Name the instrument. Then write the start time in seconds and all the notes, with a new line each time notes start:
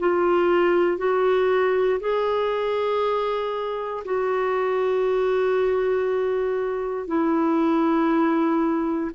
clarinet
0.00 F4
0.98 F#4
2.01 G#4
4.05 F#4
7.08 E4